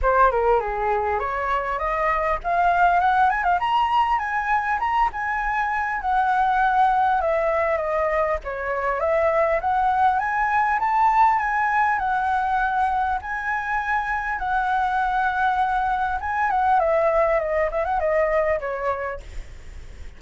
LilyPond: \new Staff \with { instrumentName = "flute" } { \time 4/4 \tempo 4 = 100 c''8 ais'8 gis'4 cis''4 dis''4 | f''4 fis''8 gis''16 f''16 ais''4 gis''4 | ais''8 gis''4. fis''2 | e''4 dis''4 cis''4 e''4 |
fis''4 gis''4 a''4 gis''4 | fis''2 gis''2 | fis''2. gis''8 fis''8 | e''4 dis''8 e''16 fis''16 dis''4 cis''4 | }